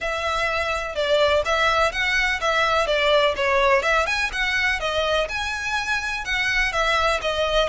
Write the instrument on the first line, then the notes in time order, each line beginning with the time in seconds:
violin
0.00 E5
0.95 D5
1.45 E5
1.92 F#5
2.40 E5
2.86 D5
3.36 C#5
3.82 E5
4.06 G#5
4.32 F#5
4.80 D#5
5.28 G#5
6.24 F#5
6.72 E5
7.21 D#5